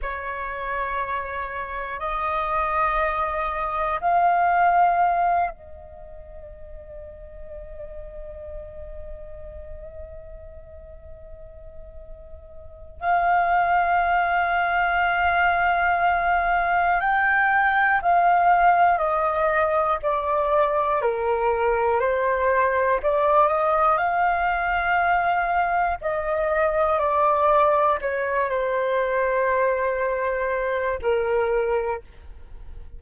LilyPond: \new Staff \with { instrumentName = "flute" } { \time 4/4 \tempo 4 = 60 cis''2 dis''2 | f''4. dis''2~ dis''8~ | dis''1~ | dis''4 f''2.~ |
f''4 g''4 f''4 dis''4 | d''4 ais'4 c''4 d''8 dis''8 | f''2 dis''4 d''4 | cis''8 c''2~ c''8 ais'4 | }